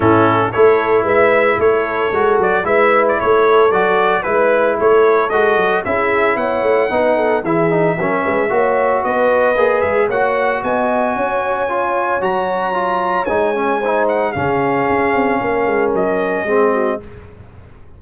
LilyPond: <<
  \new Staff \with { instrumentName = "trumpet" } { \time 4/4 \tempo 4 = 113 a'4 cis''4 e''4 cis''4~ | cis''8 d''8 e''8. d''16 cis''4 d''4 | b'4 cis''4 dis''4 e''4 | fis''2 e''2~ |
e''4 dis''4. e''8 fis''4 | gis''2. ais''4~ | ais''4 gis''4. fis''8 f''4~ | f''2 dis''2 | }
  \new Staff \with { instrumentName = "horn" } { \time 4/4 e'4 a'4 b'4 a'4~ | a'4 b'4 a'2 | b'4 a'2 gis'4 | cis''4 b'8 a'8 gis'4 ais'8 b'8 |
cis''4 b'2 cis''4 | dis''4 cis''2.~ | cis''2 c''4 gis'4~ | gis'4 ais'2 gis'8 fis'8 | }
  \new Staff \with { instrumentName = "trombone" } { \time 4/4 cis'4 e'2. | fis'4 e'2 fis'4 | e'2 fis'4 e'4~ | e'4 dis'4 e'8 dis'8 cis'4 |
fis'2 gis'4 fis'4~ | fis'2 f'4 fis'4 | f'4 dis'8 cis'8 dis'4 cis'4~ | cis'2. c'4 | }
  \new Staff \with { instrumentName = "tuba" } { \time 4/4 a,4 a4 gis4 a4 | gis8 fis8 gis4 a4 fis4 | gis4 a4 gis8 fis8 cis'4 | b8 a8 b4 e4 fis8 gis8 |
ais4 b4 ais8 gis8 ais4 | b4 cis'2 fis4~ | fis4 gis2 cis4 | cis'8 c'8 ais8 gis8 fis4 gis4 | }
>>